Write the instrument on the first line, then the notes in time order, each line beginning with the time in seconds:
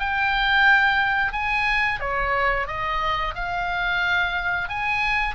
oboe
0.00 G5
1.33 G#5
2.00 C#5
2.68 D#5
3.35 F5
4.69 G#5